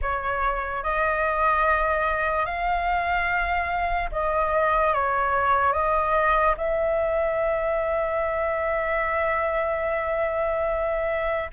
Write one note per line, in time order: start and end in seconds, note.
0.01 0.83 C#5
0.83 2.45 D#5
2.45 4.09 F5
4.11 4.93 D#5
4.93 5.72 C#5
5.72 6.55 D#5
6.57 11.50 E5